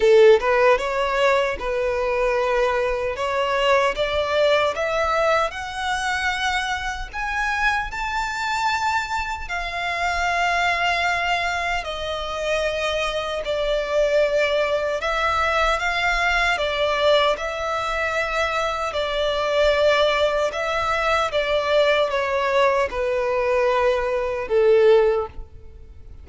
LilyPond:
\new Staff \with { instrumentName = "violin" } { \time 4/4 \tempo 4 = 76 a'8 b'8 cis''4 b'2 | cis''4 d''4 e''4 fis''4~ | fis''4 gis''4 a''2 | f''2. dis''4~ |
dis''4 d''2 e''4 | f''4 d''4 e''2 | d''2 e''4 d''4 | cis''4 b'2 a'4 | }